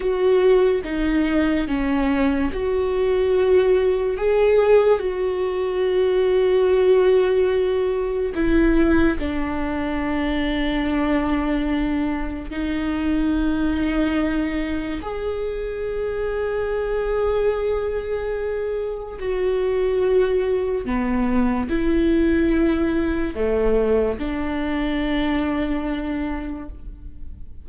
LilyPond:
\new Staff \with { instrumentName = "viola" } { \time 4/4 \tempo 4 = 72 fis'4 dis'4 cis'4 fis'4~ | fis'4 gis'4 fis'2~ | fis'2 e'4 d'4~ | d'2. dis'4~ |
dis'2 gis'2~ | gis'2. fis'4~ | fis'4 b4 e'2 | a4 d'2. | }